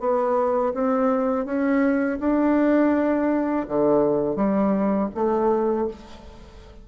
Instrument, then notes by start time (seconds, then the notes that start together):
bassoon
0.00 B3
0.74 C4
1.46 C#4
2.20 D4
3.68 D3
4.36 G3
5.15 A3